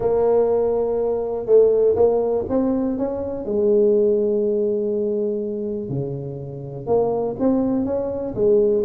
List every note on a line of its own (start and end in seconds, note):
0.00 1.46 A#3
1.46 1.95 A3
1.95 2.44 A#3
2.49 2.98 C4
2.98 3.45 C#4
3.45 5.89 G#3
5.89 6.86 C#3
6.86 7.35 A#3
7.39 7.85 C4
7.85 8.34 C#4
8.34 8.83 G#3